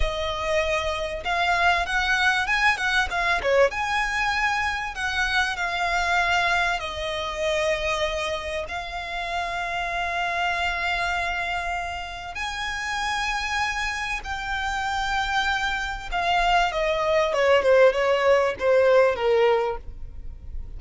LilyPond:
\new Staff \with { instrumentName = "violin" } { \time 4/4 \tempo 4 = 97 dis''2 f''4 fis''4 | gis''8 fis''8 f''8 cis''8 gis''2 | fis''4 f''2 dis''4~ | dis''2 f''2~ |
f''1 | gis''2. g''4~ | g''2 f''4 dis''4 | cis''8 c''8 cis''4 c''4 ais'4 | }